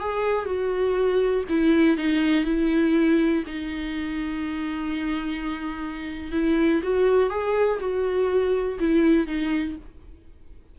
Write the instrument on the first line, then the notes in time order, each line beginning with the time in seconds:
viola
0.00 G#4
0.45 F#4
1.49 E4
1.97 D#4
2.45 E4
3.47 D#4
6.32 E4
6.83 F#4
7.30 G#4
7.80 F#4
8.79 E4
9.27 D#4